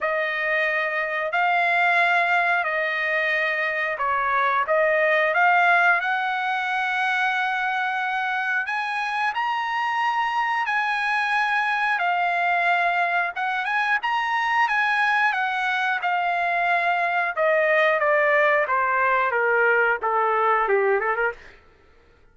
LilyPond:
\new Staff \with { instrumentName = "trumpet" } { \time 4/4 \tempo 4 = 90 dis''2 f''2 | dis''2 cis''4 dis''4 | f''4 fis''2.~ | fis''4 gis''4 ais''2 |
gis''2 f''2 | fis''8 gis''8 ais''4 gis''4 fis''4 | f''2 dis''4 d''4 | c''4 ais'4 a'4 g'8 a'16 ais'16 | }